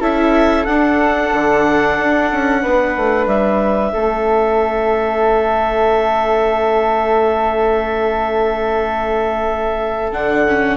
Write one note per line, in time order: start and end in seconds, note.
0.00 0.65 C#4
0.00 0.66 E4
0.00 2.61 A4
0.00 0.65 E5
0.65 1.31 D4
0.65 3.94 D4
0.65 3.26 F#5
1.33 1.98 D3
1.99 2.31 D4
2.32 2.64 C#4
2.61 2.97 B3
2.61 3.92 B4
2.97 3.26 A3
3.26 3.91 G3
3.26 10.12 E5
3.92 10.13 A3
3.92 10.12 C#4
3.92 10.77 A4
10.12 10.77 D3
10.12 10.45 D4
10.12 10.77 F#5
10.48 10.77 C#4